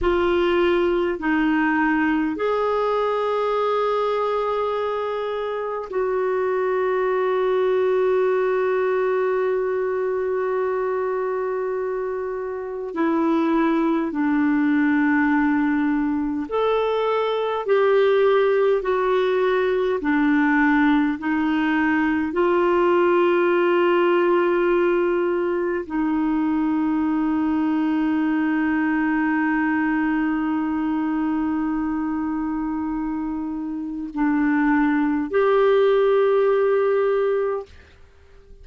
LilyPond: \new Staff \with { instrumentName = "clarinet" } { \time 4/4 \tempo 4 = 51 f'4 dis'4 gis'2~ | gis'4 fis'2.~ | fis'2. e'4 | d'2 a'4 g'4 |
fis'4 d'4 dis'4 f'4~ | f'2 dis'2~ | dis'1~ | dis'4 d'4 g'2 | }